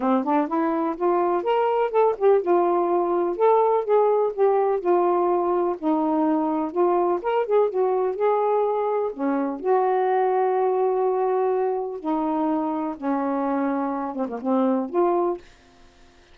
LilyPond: \new Staff \with { instrumentName = "saxophone" } { \time 4/4 \tempo 4 = 125 c'8 d'8 e'4 f'4 ais'4 | a'8 g'8 f'2 a'4 | gis'4 g'4 f'2 | dis'2 f'4 ais'8 gis'8 |
fis'4 gis'2 cis'4 | fis'1~ | fis'4 dis'2 cis'4~ | cis'4. c'16 ais16 c'4 f'4 | }